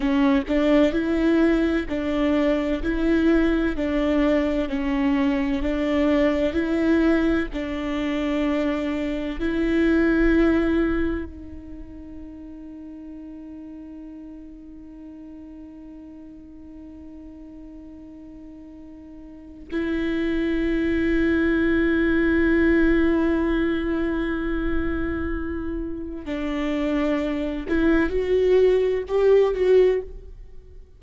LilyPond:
\new Staff \with { instrumentName = "viola" } { \time 4/4 \tempo 4 = 64 cis'8 d'8 e'4 d'4 e'4 | d'4 cis'4 d'4 e'4 | d'2 e'2 | dis'1~ |
dis'1~ | dis'4 e'2.~ | e'1 | d'4. e'8 fis'4 g'8 fis'8 | }